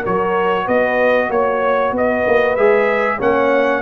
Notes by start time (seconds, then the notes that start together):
0.00 F#4 A#4 C#5
0.07 F#3
0.64 B3 B4 D#5
1.29 A#3 C#5
1.92 B3 B4 D#5
2.26 A#3
2.56 G#3 G#4 E5
3.17 A#3 C#4 C#5 F#5